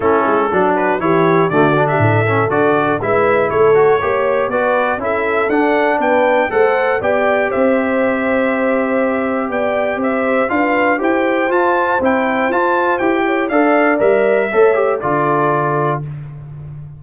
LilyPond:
<<
  \new Staff \with { instrumentName = "trumpet" } { \time 4/4 \tempo 4 = 120 a'4. b'8 cis''4 d''8. e''16~ | e''4 d''4 e''4 cis''4~ | cis''4 d''4 e''4 fis''4 | g''4 fis''4 g''4 e''4~ |
e''2. g''4 | e''4 f''4 g''4 a''4 | g''4 a''4 g''4 f''4 | e''2 d''2 | }
  \new Staff \with { instrumentName = "horn" } { \time 4/4 e'4 fis'4 g'4 fis'8. g'16 | a'2 b'4 a'4 | cis''4 b'4 a'2 | b'4 c''4 d''4 c''4~ |
c''2. d''4 | c''4 b'4 c''2~ | c''2~ c''8 cis''8 d''4~ | d''4 cis''4 a'2 | }
  \new Staff \with { instrumentName = "trombone" } { \time 4/4 cis'4 d'4 e'4 a8 d'8~ | d'8 cis'8 fis'4 e'4. fis'8 | g'4 fis'4 e'4 d'4~ | d'4 a'4 g'2~ |
g'1~ | g'4 f'4 g'4 f'4 | e'4 f'4 g'4 a'4 | ais'4 a'8 g'8 f'2 | }
  \new Staff \with { instrumentName = "tuba" } { \time 4/4 a8 gis8 fis4 e4 d4 | a,4 d4 gis4 a4 | ais4 b4 cis'4 d'4 | b4 a4 b4 c'4~ |
c'2. b4 | c'4 d'4 e'4 f'4 | c'4 f'4 e'4 d'4 | g4 a4 d2 | }
>>